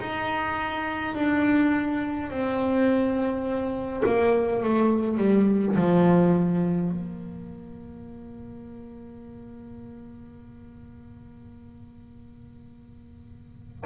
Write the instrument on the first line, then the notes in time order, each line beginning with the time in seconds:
double bass
0.00 D#4
1.15 D4
2.31 C4
4.06 A#3
4.64 A3
5.18 G3
5.76 F3
6.91 A#3